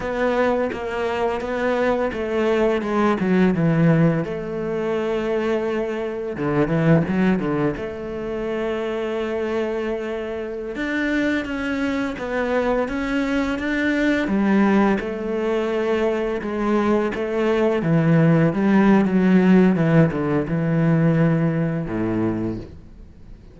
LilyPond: \new Staff \with { instrumentName = "cello" } { \time 4/4 \tempo 4 = 85 b4 ais4 b4 a4 | gis8 fis8 e4 a2~ | a4 d8 e8 fis8 d8 a4~ | a2.~ a16 d'8.~ |
d'16 cis'4 b4 cis'4 d'8.~ | d'16 g4 a2 gis8.~ | gis16 a4 e4 g8. fis4 | e8 d8 e2 a,4 | }